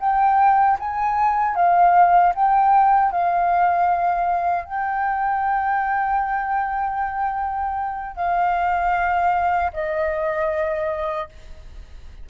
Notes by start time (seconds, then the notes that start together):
0.00 G5
0.80 G#5
1.56 F5
2.35 G5
3.12 F5
4.65 G5
8.16 F5
9.73 D#5